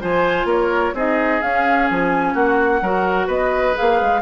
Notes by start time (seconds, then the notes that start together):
0.00 F3 F4 C5 G#5
0.44 A#3 A#4 C#5
0.93 C4 D#4 G#4 D#5
1.41 C#4 F5
1.89 F3 G#5
2.33 A#3 F#4 F#5
2.81 F#3 F#4 A#4
3.27 B3 B4 D#5
3.74 G#4 F5
3.80 A#3
4.01 G#3